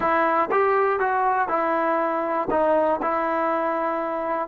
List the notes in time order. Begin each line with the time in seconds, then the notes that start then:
0.00 E4
0.51 G4
0.99 F#4
1.48 E4
2.50 D#4
3.01 E4